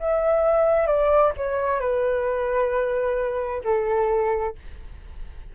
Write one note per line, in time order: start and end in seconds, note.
0.00 0.87 E5
0.87 1.32 D5
1.37 1.80 C#5
1.80 3.62 B4
3.64 4.55 A4